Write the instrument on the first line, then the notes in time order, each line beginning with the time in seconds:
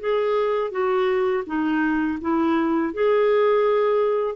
clarinet
0.00 G#4
0.71 F#4
1.46 D#4
2.21 E4
2.93 G#4